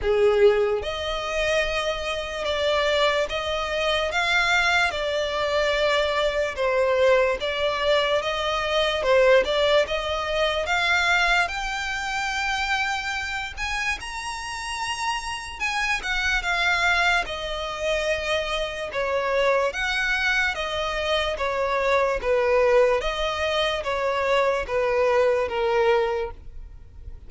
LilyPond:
\new Staff \with { instrumentName = "violin" } { \time 4/4 \tempo 4 = 73 gis'4 dis''2 d''4 | dis''4 f''4 d''2 | c''4 d''4 dis''4 c''8 d''8 | dis''4 f''4 g''2~ |
g''8 gis''8 ais''2 gis''8 fis''8 | f''4 dis''2 cis''4 | fis''4 dis''4 cis''4 b'4 | dis''4 cis''4 b'4 ais'4 | }